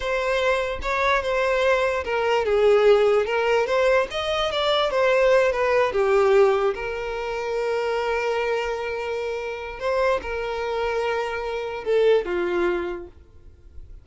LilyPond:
\new Staff \with { instrumentName = "violin" } { \time 4/4 \tempo 4 = 147 c''2 cis''4 c''4~ | c''4 ais'4 gis'2 | ais'4 c''4 dis''4 d''4 | c''4. b'4 g'4.~ |
g'8 ais'2.~ ais'8~ | ais'1 | c''4 ais'2.~ | ais'4 a'4 f'2 | }